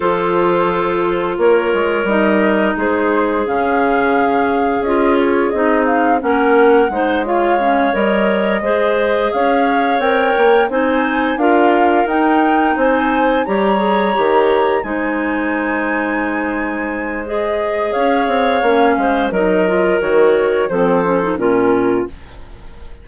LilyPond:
<<
  \new Staff \with { instrumentName = "flute" } { \time 4/4 \tempo 4 = 87 c''2 cis''4 dis''4 | c''4 f''2 dis''8 cis''8 | dis''8 f''8 fis''4. f''4 dis''8~ | dis''4. f''4 g''4 gis''8~ |
gis''8 f''4 g''4 gis''4 ais''8~ | ais''4. gis''2~ gis''8~ | gis''4 dis''4 f''2 | dis''4 cis''4 c''4 ais'4 | }
  \new Staff \with { instrumentName = "clarinet" } { \time 4/4 a'2 ais'2 | gis'1~ | gis'4 ais'4 c''8 cis''4.~ | cis''8 c''4 cis''2 c''8~ |
c''8 ais'2 c''4 cis''8~ | cis''4. c''2~ c''8~ | c''2 cis''4. c''8 | ais'2 a'4 f'4 | }
  \new Staff \with { instrumentName = "clarinet" } { \time 4/4 f'2. dis'4~ | dis'4 cis'2 f'4 | dis'4 cis'4 dis'8 f'8 cis'8 ais'8~ | ais'8 gis'2 ais'4 dis'8~ |
dis'8 f'4 dis'2 g'8 | gis'8 g'4 dis'2~ dis'8~ | dis'4 gis'2 cis'4 | dis'8 f'8 fis'4 c'8 cis'16 dis'16 cis'4 | }
  \new Staff \with { instrumentName = "bassoon" } { \time 4/4 f2 ais8 gis8 g4 | gis4 cis2 cis'4 | c'4 ais4 gis4. g8~ | g8 gis4 cis'4 c'8 ais8 c'8~ |
c'8 d'4 dis'4 c'4 g8~ | g8 dis4 gis2~ gis8~ | gis2 cis'8 c'8 ais8 gis8 | fis4 dis4 f4 ais,4 | }
>>